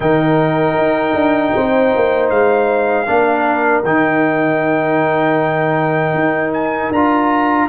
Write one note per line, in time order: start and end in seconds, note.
0.00 0.77 D#3
0.00 3.06 D#4
0.00 1.53 A#4
0.00 2.29 G5
0.77 1.14 D#4
1.14 1.52 D4
1.55 1.94 C4
1.55 3.06 C5
1.95 2.30 A#3
2.29 3.07 G#3
2.29 3.83 F5
3.06 3.83 A#3
3.06 3.83 D4
3.06 7.68 A#4
3.83 6.13 D#3
3.83 6.93 D#4
3.83 6.53 G5
6.13 6.90 D#4
6.53 6.91 G#5
6.91 7.68 D4
6.91 7.68 F4
6.91 7.68 A#5